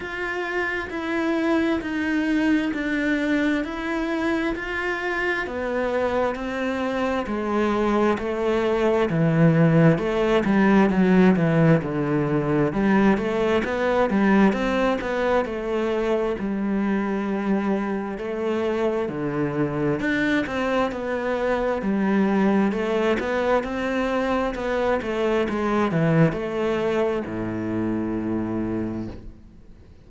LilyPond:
\new Staff \with { instrumentName = "cello" } { \time 4/4 \tempo 4 = 66 f'4 e'4 dis'4 d'4 | e'4 f'4 b4 c'4 | gis4 a4 e4 a8 g8 | fis8 e8 d4 g8 a8 b8 g8 |
c'8 b8 a4 g2 | a4 d4 d'8 c'8 b4 | g4 a8 b8 c'4 b8 a8 | gis8 e8 a4 a,2 | }